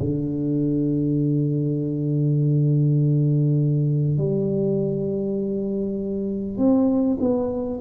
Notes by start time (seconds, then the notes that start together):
0.00 D3
4.18 G3
6.57 C4
7.20 B3